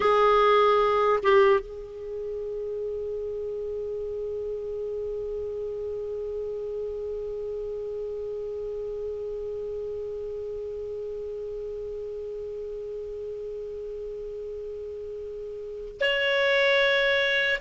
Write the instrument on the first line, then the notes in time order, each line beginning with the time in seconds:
clarinet
0.00 G#4
1.23 G4
1.60 G#4
16.00 C#5